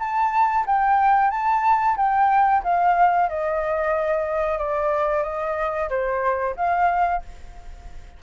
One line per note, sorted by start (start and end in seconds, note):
0.00 0.66 A5
0.67 1.31 G5
1.31 1.97 A5
1.97 2.63 G5
2.64 3.30 F5
3.30 4.59 D#5
4.59 5.23 D5
5.23 5.89 D#5
5.90 6.56 C5
6.57 7.23 F5